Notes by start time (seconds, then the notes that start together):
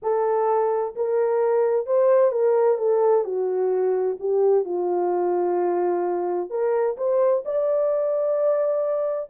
0.02 A4
0.95 A#4
1.86 C5
2.31 A#4
2.78 A4
3.24 F#4
4.19 G4
4.64 F4
6.49 A#4
6.97 C5
7.45 D5